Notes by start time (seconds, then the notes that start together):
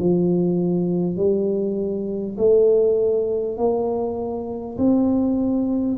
0.00 F3
1.17 G3
2.38 A3
3.58 A#3
4.78 C4